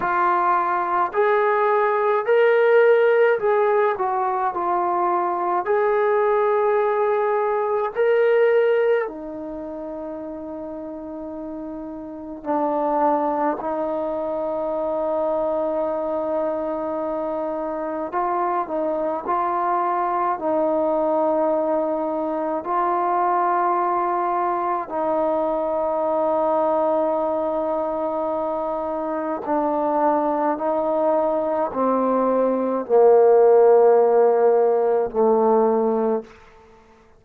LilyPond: \new Staff \with { instrumentName = "trombone" } { \time 4/4 \tempo 4 = 53 f'4 gis'4 ais'4 gis'8 fis'8 | f'4 gis'2 ais'4 | dis'2. d'4 | dis'1 |
f'8 dis'8 f'4 dis'2 | f'2 dis'2~ | dis'2 d'4 dis'4 | c'4 ais2 a4 | }